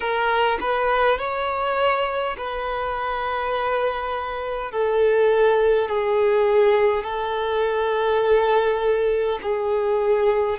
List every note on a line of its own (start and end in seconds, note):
0.00 0.58 A#4
0.60 1.18 B4
1.18 2.36 C#5
2.37 4.71 B4
4.71 5.88 A4
5.88 7.03 G#4
7.03 9.39 A4
9.42 10.58 G#4